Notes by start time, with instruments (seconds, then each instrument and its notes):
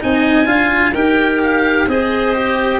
0.00 tuba C4, cello D#4, clarinet D#5, oboe G#5
0.45 tuba D4, cello F4, clarinet F5
0.93 tuba D#4, cello G4, clarinet A#4, oboe G5
1.43 oboe F5
1.87 tuba C4, cello G#4, clarinet C5, oboe D#5
2.34 cello G4